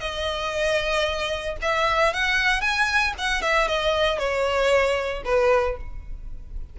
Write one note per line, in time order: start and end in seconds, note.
0.00 1.57 D#5
1.62 2.13 E5
2.13 2.61 F#5
2.61 3.13 G#5
3.18 3.42 F#5
3.42 3.68 E5
3.68 4.19 D#5
4.19 5.23 C#5
5.25 5.77 B4